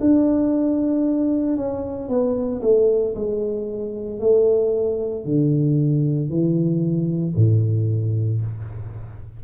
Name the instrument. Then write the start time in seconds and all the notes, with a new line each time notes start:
tuba
0.00 D4
1.57 C#4
2.09 B3
2.62 A3
3.16 G#3
4.20 A3
5.25 D3
6.30 E3
7.36 A2